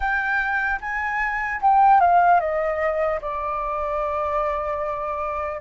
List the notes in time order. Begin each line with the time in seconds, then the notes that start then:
0.00 G5
0.80 G#5
1.61 G5
2.00 F5
2.40 D#5
3.21 D5